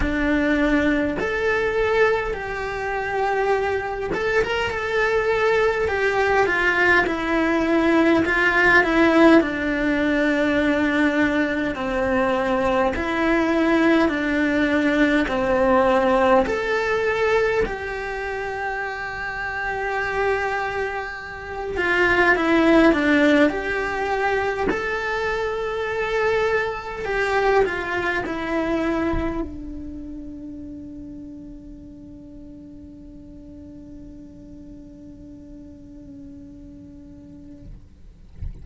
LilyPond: \new Staff \with { instrumentName = "cello" } { \time 4/4 \tempo 4 = 51 d'4 a'4 g'4. a'16 ais'16 | a'4 g'8 f'8 e'4 f'8 e'8 | d'2 c'4 e'4 | d'4 c'4 a'4 g'4~ |
g'2~ g'8 f'8 e'8 d'8 | g'4 a'2 g'8 f'8 | e'4 d'2.~ | d'1 | }